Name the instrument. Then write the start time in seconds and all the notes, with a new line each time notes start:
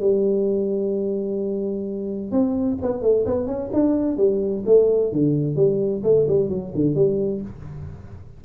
tuba
0.00 G3
2.32 C4
2.82 B3
3.02 A3
3.26 B3
3.47 C#4
3.73 D4
4.18 G3
4.66 A3
5.13 D3
5.56 G3
6.04 A3
6.28 G3
6.49 F#3
6.75 D3
6.95 G3